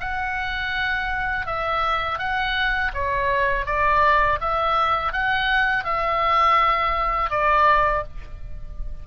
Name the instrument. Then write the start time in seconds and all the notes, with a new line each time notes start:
oboe
0.00 F#5
1.46 E5
2.18 F#5
2.94 C#5
3.66 D5
4.40 E5
5.12 F#5
5.84 E5
7.30 D5